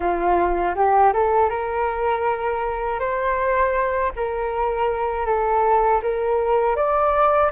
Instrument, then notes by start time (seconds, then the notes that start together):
flute
0.00 F4
0.75 G4
1.13 A4
1.49 A#4
2.99 C5
4.16 A#4
5.26 A4
6.02 A#4
6.76 D5